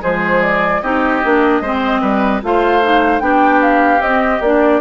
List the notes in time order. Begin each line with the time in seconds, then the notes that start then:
0.00 F3 G#3 G#4 C5
0.42 D5
0.82 C4 D#4 G4 D#5
1.23 A#3 D4
1.61 G#3 C4 C5
2.01 G3 B4
2.43 A3 F4 C5 F5
2.82 D#4
3.19 B3 D4 G4 G5
3.61 F5
3.99 C4 D#5
4.40 A#3 D4 D5